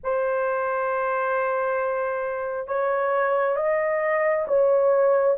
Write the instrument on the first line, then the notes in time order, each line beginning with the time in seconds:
horn
0.03 C5
2.67 C#5
3.56 D#5
4.47 C#5